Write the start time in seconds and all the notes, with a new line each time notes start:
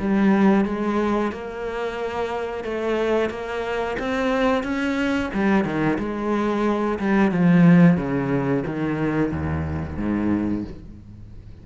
0.00 G3
0.65 G#3
1.32 A#3
2.65 A3
3.30 A#3
4.00 C4
4.64 C#4
5.34 G3
5.65 D#3
5.99 G#3
6.99 G3
7.32 F3
7.97 C#3
8.67 D#3
9.32 D#2
9.98 G#2